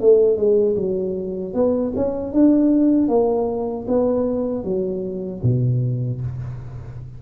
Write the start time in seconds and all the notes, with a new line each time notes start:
0.00 A3
0.36 G#3
0.76 F#3
1.53 B3
1.95 C#4
2.32 D4
3.08 A#3
3.87 B3
4.64 F#3
5.43 B2